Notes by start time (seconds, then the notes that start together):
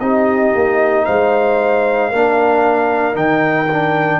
0.00 C4 D#4 G4 D#5
0.55 A#3
1.05 G#3 C5 F5
2.09 A#3 D4 A#4
3.13 D#3 D#4 G5
3.72 D4